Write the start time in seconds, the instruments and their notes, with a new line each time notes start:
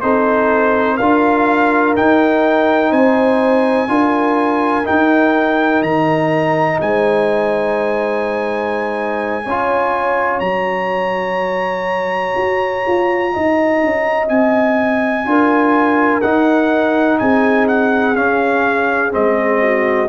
0.00 tuba C4, trombone D#4, horn A4, trumpet C5
0.96 tuba D4, trombone F4, horn A#4, trumpet F5
1.95 trombone D#4, tuba D#4, trumpet G5
2.90 tuba C4, horn C5, trumpet G#5
3.88 tuba D4, trombone F4, horn A#4
4.83 trombone D#4, trumpet G5
4.90 tuba D#4
5.81 tuba D#3, trumpet A#5
6.80 tuba G#3, horn C5, trumpet G#5
9.45 tuba C#4, trombone F4, horn C#5
10.40 tuba F#3, trombone F#4, trumpet A#5
12.36 tuba F#4
12.87 tuba F4
13.33 tuba D#4, horn D#5
13.83 tuba C#4
14.28 tuba C4, trumpet G#5
15.25 tuba D4, trombone F4, horn A#4
16.21 tuba D#4, trombone D#4, trumpet F#5
17.18 tuba C4, horn G#4, trumpet G#5
17.67 trumpet F#5
18.15 trombone C#4, tuba C#4, trumpet F5
19.10 tuba G#3, trombone C4, trumpet D#5
19.61 horn F#4